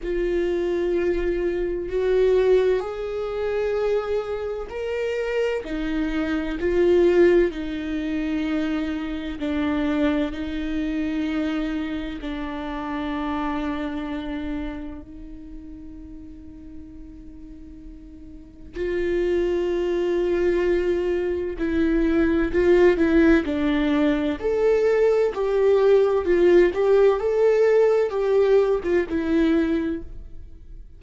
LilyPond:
\new Staff \with { instrumentName = "viola" } { \time 4/4 \tempo 4 = 64 f'2 fis'4 gis'4~ | gis'4 ais'4 dis'4 f'4 | dis'2 d'4 dis'4~ | dis'4 d'2. |
dis'1 | f'2. e'4 | f'8 e'8 d'4 a'4 g'4 | f'8 g'8 a'4 g'8. f'16 e'4 | }